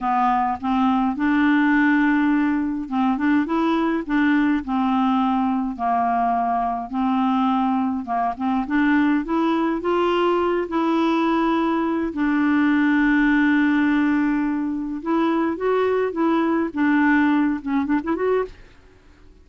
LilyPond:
\new Staff \with { instrumentName = "clarinet" } { \time 4/4 \tempo 4 = 104 b4 c'4 d'2~ | d'4 c'8 d'8 e'4 d'4 | c'2 ais2 | c'2 ais8 c'8 d'4 |
e'4 f'4. e'4.~ | e'4 d'2.~ | d'2 e'4 fis'4 | e'4 d'4. cis'8 d'16 e'16 fis'8 | }